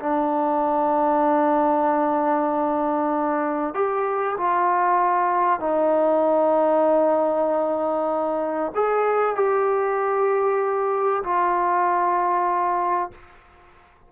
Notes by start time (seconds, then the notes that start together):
0.00 D4
3.74 G4
4.38 F4
5.60 D#4
8.75 G#4
9.36 G4
11.24 F4